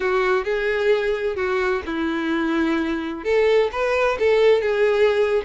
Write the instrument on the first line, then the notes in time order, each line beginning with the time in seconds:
violin
0.00 F#4
0.44 G#4
1.36 F#4
1.86 E4
3.24 A4
3.72 B4
4.19 A4
4.61 G#4